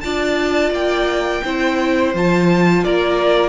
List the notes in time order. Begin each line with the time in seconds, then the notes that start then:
0.00 D4 F4 D5 A5
0.71 A#3 G5
1.44 C4 E4 C5
2.14 F3 F4 A5
2.83 A#3 A#4 D5